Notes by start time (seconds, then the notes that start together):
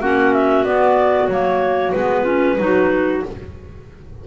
0.00 A#3 C#4 F#4 F#5
0.33 E5
0.64 B3 D5
1.27 F#3 A#3 C#5
1.92 G#3 B3 B4
2.22 C#4 F4
2.58 F#3 D#4 F#4